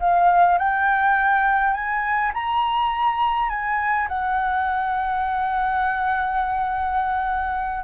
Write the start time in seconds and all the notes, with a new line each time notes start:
0.00 F5
0.59 G5
1.74 G#5
2.34 A#5
3.50 G#5
4.09 F#5